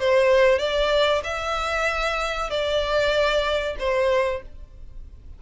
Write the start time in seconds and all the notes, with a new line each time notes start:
0.00 C5
0.59 D5
1.24 E5
2.50 D5
3.79 C5